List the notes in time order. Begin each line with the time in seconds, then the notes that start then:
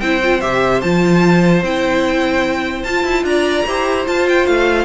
0.00 C4 E4 C5 G5
0.23 F4
0.41 C3 G4 E5
0.81 F3 F4 A5
1.62 C4 E4 G5
2.83 F4 A5
3.03 E4
3.23 D4 D5 A#5
3.66 E4 G4 C5
4.05 F4 A5
4.28 G5
4.47 A3 F5